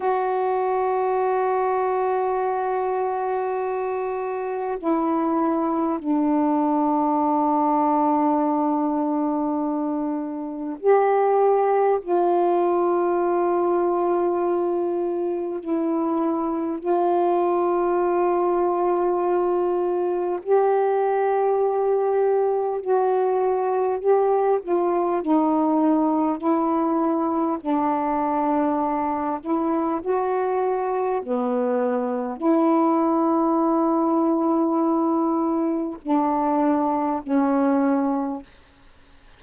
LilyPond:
\new Staff \with { instrumentName = "saxophone" } { \time 4/4 \tempo 4 = 50 fis'1 | e'4 d'2.~ | d'4 g'4 f'2~ | f'4 e'4 f'2~ |
f'4 g'2 fis'4 | g'8 f'8 dis'4 e'4 d'4~ | d'8 e'8 fis'4 b4 e'4~ | e'2 d'4 cis'4 | }